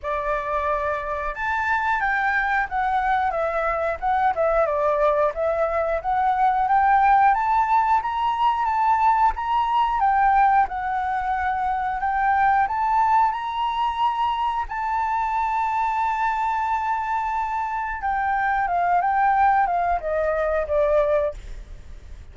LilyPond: \new Staff \with { instrumentName = "flute" } { \time 4/4 \tempo 4 = 90 d''2 a''4 g''4 | fis''4 e''4 fis''8 e''8 d''4 | e''4 fis''4 g''4 a''4 | ais''4 a''4 ais''4 g''4 |
fis''2 g''4 a''4 | ais''2 a''2~ | a''2. g''4 | f''8 g''4 f''8 dis''4 d''4 | }